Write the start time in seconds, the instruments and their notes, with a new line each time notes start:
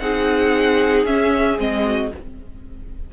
0.00 cello C4, viola D#4, violin G#4 F#5
1.06 cello C#4, viola C#4, violin E5
1.58 cello G#3, viola C4, violin D#5
1.85 violin F#4